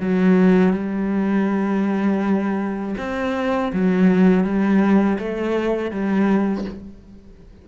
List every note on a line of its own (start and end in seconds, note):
0.00 0.73 F#3
0.73 2.95 G3
2.98 3.72 C4
3.72 4.44 F#3
4.44 5.18 G3
5.19 5.91 A3
5.91 6.65 G3